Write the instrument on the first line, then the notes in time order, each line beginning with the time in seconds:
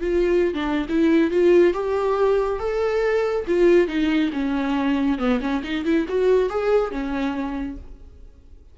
viola
0.00 F4
0.54 D4
0.88 E4
1.30 F4
1.73 G4
2.59 A4
3.47 F4
3.87 D#4
4.32 C#4
5.18 B3
5.41 C#4
5.63 D#4
5.85 E4
6.08 F#4
6.49 G#4
6.91 C#4